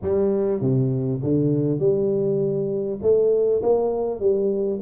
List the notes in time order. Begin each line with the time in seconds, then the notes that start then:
0.01 G3
0.61 C3
1.23 D3
1.79 G3
3.02 A3
3.62 A#3
4.20 G3